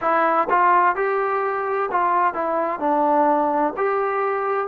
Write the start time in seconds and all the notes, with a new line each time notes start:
0.01 E4
0.49 F4
0.95 G4
1.90 F4
2.34 E4
2.79 D4
3.76 G4